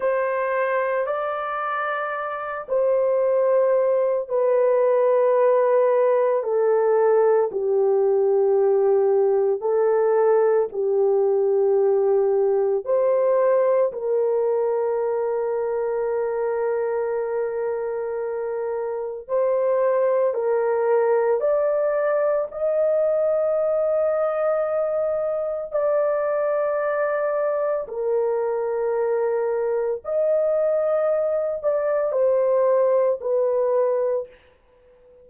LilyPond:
\new Staff \with { instrumentName = "horn" } { \time 4/4 \tempo 4 = 56 c''4 d''4. c''4. | b'2 a'4 g'4~ | g'4 a'4 g'2 | c''4 ais'2.~ |
ais'2 c''4 ais'4 | d''4 dis''2. | d''2 ais'2 | dis''4. d''8 c''4 b'4 | }